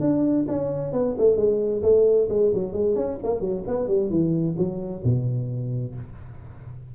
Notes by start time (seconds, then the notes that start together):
0.00 D4
0.48 C#4
0.92 B3
1.18 A3
1.36 G#3
1.82 A3
2.29 G#3
2.54 F#3
2.73 G#3
2.95 C#4
3.23 A#3
3.40 F#3
3.67 B3
3.87 G3
4.10 E3
4.57 F#3
5.04 B2